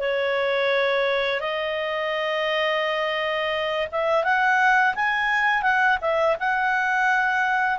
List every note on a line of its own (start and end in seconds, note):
0.00 1.41 C#5
1.41 3.88 D#5
3.92 4.24 E5
4.24 4.95 F#5
4.96 5.63 G#5
5.63 5.98 F#5
6.02 6.37 E5
6.40 7.79 F#5